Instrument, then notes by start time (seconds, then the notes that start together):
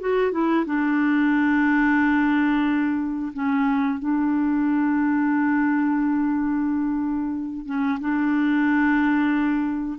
clarinet
0.00 F#4
0.32 E4
0.66 D4
3.33 C#4
3.99 D4
7.66 C#4
8.00 D4